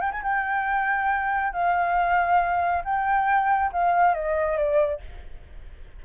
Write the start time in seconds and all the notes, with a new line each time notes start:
0.00 G5
0.11 G#5
0.23 G5
1.53 F5
2.84 G5
3.72 F5
4.14 D#5
4.57 D5